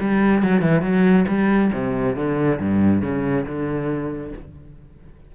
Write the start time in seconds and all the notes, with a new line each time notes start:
0.00 G3
0.42 F#3
0.61 E3
0.82 F#3
1.28 G3
1.73 C3
2.16 D3
2.59 G2
3.02 C#3
3.45 D3